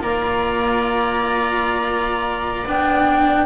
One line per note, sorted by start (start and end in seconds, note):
0.00 2.67 A#3
0.00 2.65 F4
0.00 3.47 D5
0.00 2.68 A#5
2.67 3.47 B3
2.67 3.47 D4
2.67 3.47 G5